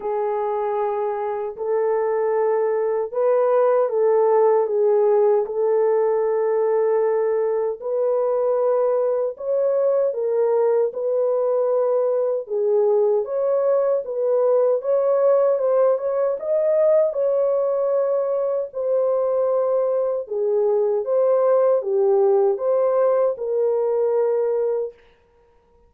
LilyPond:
\new Staff \with { instrumentName = "horn" } { \time 4/4 \tempo 4 = 77 gis'2 a'2 | b'4 a'4 gis'4 a'4~ | a'2 b'2 | cis''4 ais'4 b'2 |
gis'4 cis''4 b'4 cis''4 | c''8 cis''8 dis''4 cis''2 | c''2 gis'4 c''4 | g'4 c''4 ais'2 | }